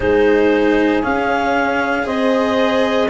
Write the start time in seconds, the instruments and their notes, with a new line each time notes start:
0.00 tuba G#3, cello D#4, horn G#4, clarinet C5
1.02 cello C#4, tuba C#4, clarinet F5
2.03 tuba C4, cello G#4, horn C5, clarinet D#5